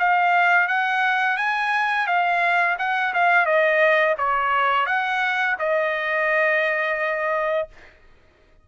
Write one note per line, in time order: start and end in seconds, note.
0.00 0.68 F5
0.68 1.38 F#5
1.38 2.07 G#5
2.07 2.77 F5
2.79 3.14 F#5
3.14 3.46 F5
3.46 4.16 D#5
4.18 4.87 C#5
4.87 5.57 F#5
5.59 7.69 D#5